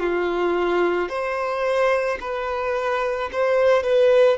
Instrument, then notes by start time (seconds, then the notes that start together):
violin
0.00 F4
1.09 C5
2.21 B4
3.32 C5
3.83 B4